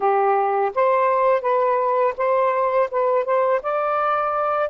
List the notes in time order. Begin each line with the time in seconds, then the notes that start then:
0.00 G4
0.74 C5
1.41 B4
2.17 C5
2.90 B4
3.25 C5
3.62 D5